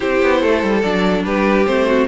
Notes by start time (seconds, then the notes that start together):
0.00 C4 E4 G4 C5
0.22 B3
0.40 A3 A4
0.62 G3
0.81 F#3 D4 D5
1.24 G3 G4 B4
1.66 A3 C4 C5
1.86 F#4